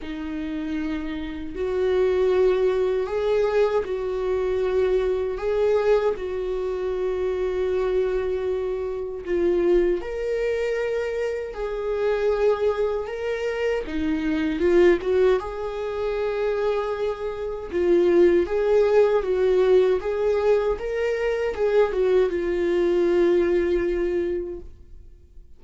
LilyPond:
\new Staff \with { instrumentName = "viola" } { \time 4/4 \tempo 4 = 78 dis'2 fis'2 | gis'4 fis'2 gis'4 | fis'1 | f'4 ais'2 gis'4~ |
gis'4 ais'4 dis'4 f'8 fis'8 | gis'2. f'4 | gis'4 fis'4 gis'4 ais'4 | gis'8 fis'8 f'2. | }